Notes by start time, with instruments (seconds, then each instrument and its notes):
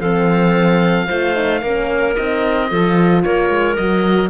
0.00 cello F3, horn C4, clarinet A4, oboe F5
1.06 cello A3, horn F4, clarinet C5
1.34 horn D#4
1.61 cello A#3, horn C#4, clarinet A#4
2.15 cello C4, horn D#4, oboe D#5
2.70 cello F3, horn F4, clarinet A4
3.23 cello A#3, clarinet A#4, oboe C#5
3.49 cello G#3
3.75 cello F#3, horn F#4, oboe D#5